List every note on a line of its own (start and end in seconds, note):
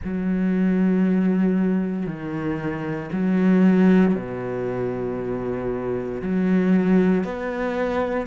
0.04 2.06 F#3
2.06 3.09 D#3
3.12 4.14 F#3
4.14 6.21 B2
6.22 7.24 F#3
7.24 8.26 B3